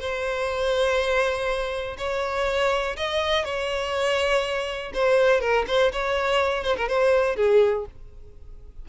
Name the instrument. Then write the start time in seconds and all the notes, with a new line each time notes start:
violin
0.00 C5
1.98 C#5
2.97 D#5
3.45 C#5
4.94 C5
5.41 A#4
5.67 C5
5.93 C#5
6.64 C5
6.77 A#4
6.88 C5
7.37 G#4